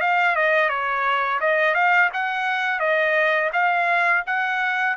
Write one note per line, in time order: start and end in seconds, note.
0.00 0.35 F5
0.35 0.69 D#5
0.69 1.40 C#5
1.40 1.74 D#5
1.74 2.10 F5
2.13 2.80 F#5
2.80 3.50 D#5
3.53 4.23 F5
4.26 4.97 F#5